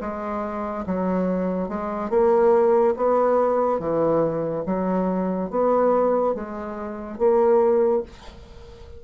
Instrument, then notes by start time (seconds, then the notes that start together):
bassoon
0.00 G#3
0.86 F#3
1.68 G#3
2.09 A#3
2.96 B3
3.79 E3
4.65 F#3
5.50 B3
6.34 G#3
7.18 A#3